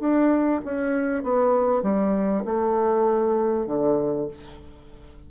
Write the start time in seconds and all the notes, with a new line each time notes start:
0.00 D4
0.65 C#4
1.24 B3
1.83 G3
2.45 A3
3.67 D3